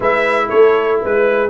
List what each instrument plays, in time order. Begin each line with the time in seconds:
0.00 tuba G#3, trombone E4, horn B4, trumpet E5
0.49 tuba A3, horn A4, trumpet C#5
1.02 tuba G#3, horn B4, trumpet B4